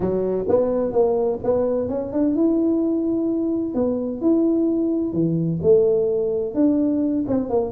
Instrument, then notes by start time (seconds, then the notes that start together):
tuba
0.00 F#3
0.48 B3
0.92 A#3
1.43 B3
1.89 C#4
2.12 D4
2.34 E4
3.74 B3
4.21 E4
5.12 E3
5.62 A3
6.54 D4
7.27 C4
7.49 A#3